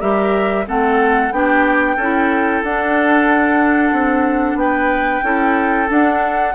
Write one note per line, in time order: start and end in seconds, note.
0.00 0.67 G3
0.00 0.65 G4
0.00 0.65 A#4
0.00 0.66 E5
0.67 1.32 A3
0.67 1.32 C4
0.67 1.33 A4
0.67 1.33 F#5
1.32 1.97 B3
1.32 1.97 D4
1.32 1.96 G4
1.32 2.63 G5
1.96 2.62 C#4
1.96 2.65 E4
1.96 4.57 A4
2.63 3.92 D4
2.63 5.24 D4
2.63 4.58 F#5
3.92 4.55 C4
4.55 5.20 B3
4.55 5.25 B4
4.55 5.89 G5
5.23 5.88 C#4
5.23 5.88 E4
5.23 6.54 A4
5.88 6.54 D4
5.88 6.54 F#5